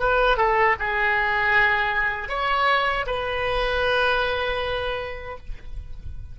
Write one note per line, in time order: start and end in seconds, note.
0.00 0.38 B4
0.38 0.76 A4
0.80 2.29 G#4
2.29 3.06 C#5
3.07 5.38 B4